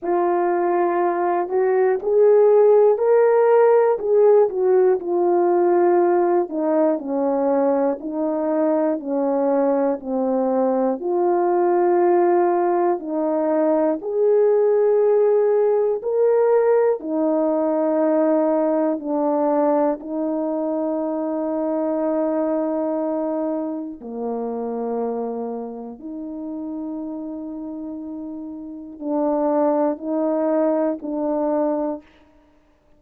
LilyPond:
\new Staff \with { instrumentName = "horn" } { \time 4/4 \tempo 4 = 60 f'4. fis'8 gis'4 ais'4 | gis'8 fis'8 f'4. dis'8 cis'4 | dis'4 cis'4 c'4 f'4~ | f'4 dis'4 gis'2 |
ais'4 dis'2 d'4 | dis'1 | ais2 dis'2~ | dis'4 d'4 dis'4 d'4 | }